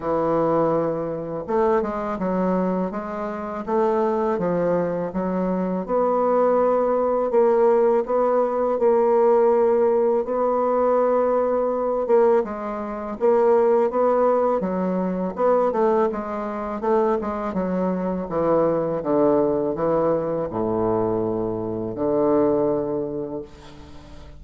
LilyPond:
\new Staff \with { instrumentName = "bassoon" } { \time 4/4 \tempo 4 = 82 e2 a8 gis8 fis4 | gis4 a4 f4 fis4 | b2 ais4 b4 | ais2 b2~ |
b8 ais8 gis4 ais4 b4 | fis4 b8 a8 gis4 a8 gis8 | fis4 e4 d4 e4 | a,2 d2 | }